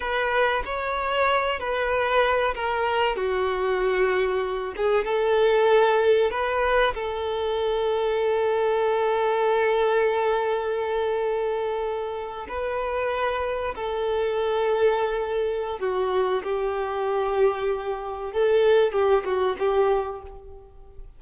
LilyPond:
\new Staff \with { instrumentName = "violin" } { \time 4/4 \tempo 4 = 95 b'4 cis''4. b'4. | ais'4 fis'2~ fis'8 gis'8 | a'2 b'4 a'4~ | a'1~ |
a'2.~ a'8. b'16~ | b'4.~ b'16 a'2~ a'16~ | a'4 fis'4 g'2~ | g'4 a'4 g'8 fis'8 g'4 | }